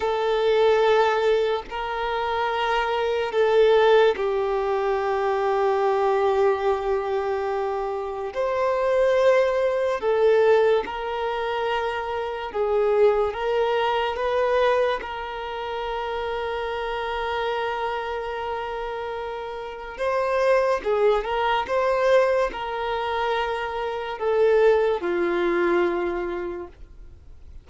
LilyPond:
\new Staff \with { instrumentName = "violin" } { \time 4/4 \tempo 4 = 72 a'2 ais'2 | a'4 g'2.~ | g'2 c''2 | a'4 ais'2 gis'4 |
ais'4 b'4 ais'2~ | ais'1 | c''4 gis'8 ais'8 c''4 ais'4~ | ais'4 a'4 f'2 | }